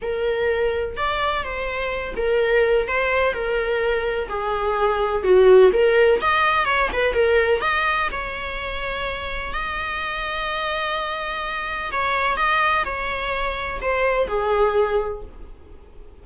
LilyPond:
\new Staff \with { instrumentName = "viola" } { \time 4/4 \tempo 4 = 126 ais'2 d''4 c''4~ | c''8 ais'4. c''4 ais'4~ | ais'4 gis'2 fis'4 | ais'4 dis''4 cis''8 b'8 ais'4 |
dis''4 cis''2. | dis''1~ | dis''4 cis''4 dis''4 cis''4~ | cis''4 c''4 gis'2 | }